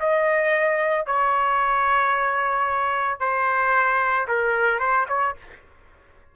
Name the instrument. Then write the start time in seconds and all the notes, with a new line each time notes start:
trumpet
0.00 D#5
1.07 C#5
3.20 C5
4.28 A#4
4.80 C5
5.09 C#5